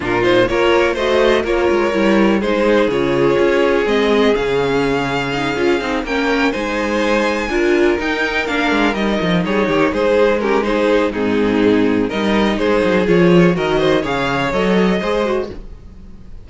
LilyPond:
<<
  \new Staff \with { instrumentName = "violin" } { \time 4/4 \tempo 4 = 124 ais'8 c''8 cis''4 dis''4 cis''4~ | cis''4 c''4 cis''2 | dis''4 f''2.~ | f''8 g''4 gis''2~ gis''8~ |
gis''8 g''4 f''4 dis''4 cis''8~ | cis''8 c''4 ais'8 c''4 gis'4~ | gis'4 dis''4 c''4 cis''4 | dis''4 f''4 dis''2 | }
  \new Staff \with { instrumentName = "violin" } { \time 4/4 f'4 ais'4 c''4 ais'4~ | ais'4 gis'2.~ | gis'1~ | gis'8 ais'4 c''2 ais'8~ |
ais'2.~ ais'8 gis'8 | g'8 gis'4 g'8 gis'4 dis'4~ | dis'4 ais'4 gis'2 | ais'8 c''8 cis''2 c''4 | }
  \new Staff \with { instrumentName = "viola" } { \time 4/4 d'8 dis'8 f'4 fis'4 f'4 | e'4 dis'4 f'2 | c'4 cis'2 dis'8 f'8 | dis'8 cis'4 dis'2 f'8~ |
f'8 dis'4 d'4 dis'4.~ | dis'4. cis'8 dis'4 c'4~ | c'4 dis'2 f'4 | fis'4 gis'4 a'4 gis'8 fis'8 | }
  \new Staff \with { instrumentName = "cello" } { \time 4/4 ais,4 ais4 a4 ais8 gis8 | g4 gis4 cis4 cis'4 | gis4 cis2~ cis8 cis'8 | c'8 ais4 gis2 d'8~ |
d'8 dis'4 ais8 gis8 g8 f8 g8 | dis8 gis2~ gis8 gis,4~ | gis,4 g4 gis8 fis8 f4 | dis4 cis4 fis4 gis4 | }
>>